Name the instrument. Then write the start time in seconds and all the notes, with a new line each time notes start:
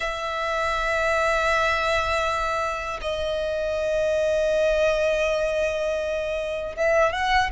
violin
0.00 E5
3.01 D#5
6.76 E5
7.12 F#5